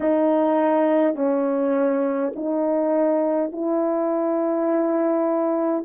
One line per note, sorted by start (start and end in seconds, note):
0.00 1.15 D#4
1.15 2.33 C#4
2.35 3.52 D#4
3.52 5.84 E4